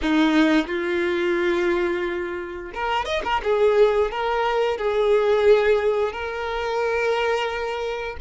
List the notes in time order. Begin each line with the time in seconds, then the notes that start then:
0.01 D#4
0.67 F4
2.73 A#4
3.05 D#5
3.24 A#4
3.43 G#4
4.10 A#4
4.77 G#4
6.12 A#4